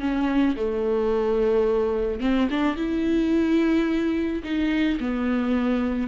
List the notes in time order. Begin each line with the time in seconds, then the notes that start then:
0.00 C#4
0.56 A3
2.21 C4
2.51 D4
2.76 E4
4.43 D#4
5.00 B3